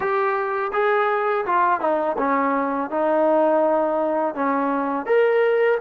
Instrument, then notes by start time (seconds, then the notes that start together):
trombone
0.00 G4
0.72 G#4
1.45 F4
1.80 D#4
2.18 C#4
2.90 D#4
4.34 C#4
5.05 A#4